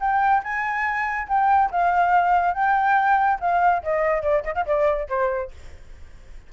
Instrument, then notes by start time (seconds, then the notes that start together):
flute
0.00 G5
0.43 G#5
1.28 G5
1.71 F5
2.54 G5
3.40 F5
3.83 D#5
4.22 D5
4.44 D#5
4.54 F5
4.66 D5
5.09 C5